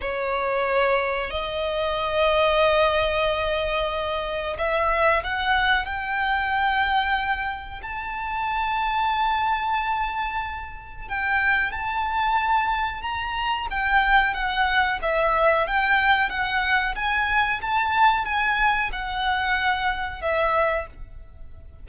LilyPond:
\new Staff \with { instrumentName = "violin" } { \time 4/4 \tempo 4 = 92 cis''2 dis''2~ | dis''2. e''4 | fis''4 g''2. | a''1~ |
a''4 g''4 a''2 | ais''4 g''4 fis''4 e''4 | g''4 fis''4 gis''4 a''4 | gis''4 fis''2 e''4 | }